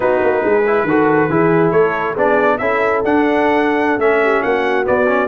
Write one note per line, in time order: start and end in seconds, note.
0.00 0.20 B3
0.00 0.63 D#4
0.00 0.43 F#4
0.00 1.71 B4
0.22 0.44 A#3
0.43 0.84 G#3
0.43 0.86 G#4
0.66 0.88 E4
0.84 1.27 D#3
0.84 1.30 F#4
0.84 1.30 A4
1.29 1.72 E3
1.29 2.16 E4
1.29 1.72 G#4
1.71 2.15 A3
1.71 2.13 A4
1.71 2.14 C#5
2.13 2.59 B3
2.13 2.59 D4
2.13 2.56 G#4
2.13 2.58 D5
2.58 3.03 C#4
2.58 3.04 E4
2.58 4.21 A4
2.58 3.01 E5
3.03 3.97 D4
3.03 3.99 D4
3.03 4.00 F#5
3.97 4.40 A3
3.97 4.84 C#4
3.97 4.42 E5
4.22 4.44 G4
4.42 4.87 A#3
4.42 5.28 F#4
4.42 4.85 F#5
4.84 5.06 B3
4.84 5.28 B3
4.84 5.28 D5
5.07 5.28 C#4